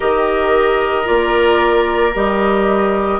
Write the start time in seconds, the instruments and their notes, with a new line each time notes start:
0.00 bassoon D#3, clarinet G4, oboe A#4, flute D#5
1.04 bassoon A#3, clarinet F4, flute D5
2.15 bassoon G3, clarinet G4, flute D#5